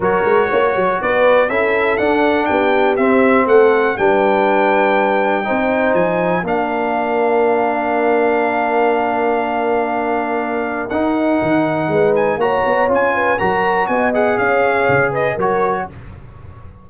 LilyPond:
<<
  \new Staff \with { instrumentName = "trumpet" } { \time 4/4 \tempo 4 = 121 cis''2 d''4 e''4 | fis''4 g''4 e''4 fis''4 | g''1 | gis''4 f''2.~ |
f''1~ | f''2 fis''2~ | fis''8 gis''8 ais''4 gis''4 ais''4 | gis''8 fis''8 f''4. dis''8 cis''4 | }
  \new Staff \with { instrumentName = "horn" } { \time 4/4 ais'4 cis''4 b'4 a'4~ | a'4 g'2 a'4 | b'2. c''4~ | c''4 ais'2.~ |
ais'1~ | ais'1 | b'4 cis''4. b'8 ais'4 | dis''4 cis''4. b'8 ais'4 | }
  \new Staff \with { instrumentName = "trombone" } { \time 4/4 fis'2. e'4 | d'2 c'2 | d'2. dis'4~ | dis'4 d'2.~ |
d'1~ | d'2 dis'2~ | dis'4 fis'4 f'4 fis'4~ | fis'8 gis'2~ gis'8 fis'4 | }
  \new Staff \with { instrumentName = "tuba" } { \time 4/4 fis8 gis8 ais8 fis8 b4 cis'4 | d'4 b4 c'4 a4 | g2. c'4 | f4 ais2.~ |
ais1~ | ais2 dis'4 dis4 | gis4 ais8 b8 cis'4 fis4 | b4 cis'4 cis4 fis4 | }
>>